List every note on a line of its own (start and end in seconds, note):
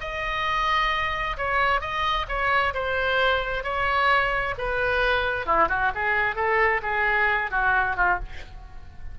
0.00 1.36 D#5
1.37 1.80 C#5
1.80 2.26 D#5
2.28 2.73 C#5
2.74 3.63 C5
3.63 4.54 C#5
4.57 5.45 B4
5.45 5.68 E4
5.69 5.91 F#4
5.94 6.35 G#4
6.35 6.81 A4
6.82 7.50 G#4
7.50 7.96 F#4
7.96 8.19 F4